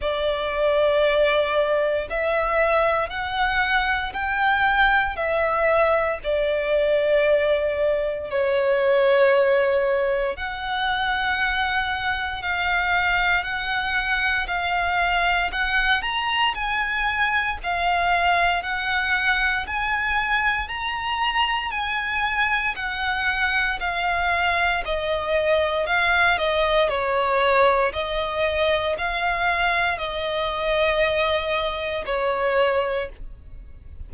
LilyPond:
\new Staff \with { instrumentName = "violin" } { \time 4/4 \tempo 4 = 58 d''2 e''4 fis''4 | g''4 e''4 d''2 | cis''2 fis''2 | f''4 fis''4 f''4 fis''8 ais''8 |
gis''4 f''4 fis''4 gis''4 | ais''4 gis''4 fis''4 f''4 | dis''4 f''8 dis''8 cis''4 dis''4 | f''4 dis''2 cis''4 | }